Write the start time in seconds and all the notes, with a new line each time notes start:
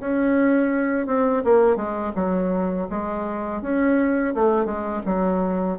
0.00 C#4
1.06 C4
1.44 A#3
1.76 G#3
2.15 F#3
2.89 G#3
3.62 C#4
4.34 A3
4.65 G#3
5.06 F#3